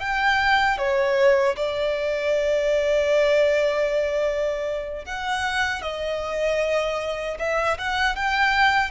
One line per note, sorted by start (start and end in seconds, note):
0.00 0.78 G5
0.78 1.56 C#5
1.56 5.05 D5
5.05 5.82 F#5
5.82 7.38 D#5
7.39 7.78 E5
7.78 8.16 F#5
8.16 8.91 G5